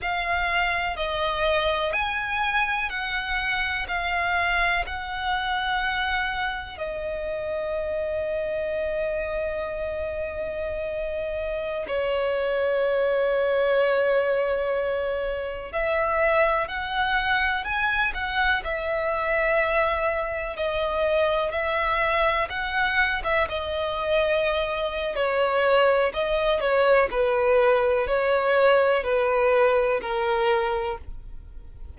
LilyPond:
\new Staff \with { instrumentName = "violin" } { \time 4/4 \tempo 4 = 62 f''4 dis''4 gis''4 fis''4 | f''4 fis''2 dis''4~ | dis''1~ | dis''16 cis''2.~ cis''8.~ |
cis''16 e''4 fis''4 gis''8 fis''8 e''8.~ | e''4~ e''16 dis''4 e''4 fis''8. | e''16 dis''4.~ dis''16 cis''4 dis''8 cis''8 | b'4 cis''4 b'4 ais'4 | }